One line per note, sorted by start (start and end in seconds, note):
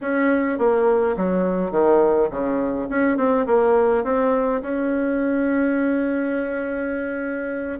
0.01 0.58 C#4
0.58 1.16 A#3
1.16 1.71 F#3
1.71 2.29 D#3
2.30 2.88 C#3
2.89 3.17 C#4
3.17 3.46 C4
3.46 4.04 A#3
4.04 4.61 C4
4.62 7.79 C#4